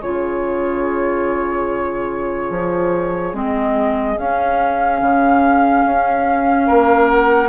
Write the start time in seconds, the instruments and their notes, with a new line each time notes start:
0.00 bassoon C#3, clarinet F4, oboe G#4, flute C#5
2.50 bassoon F3
3.33 bassoon G#3, clarinet C4, flute D#5
4.16 clarinet C#4, bassoon C#4, flute F5
5.01 bassoon C#3
5.85 bassoon C#4
6.67 bassoon A#3, oboe A#4
7.09 flute F#5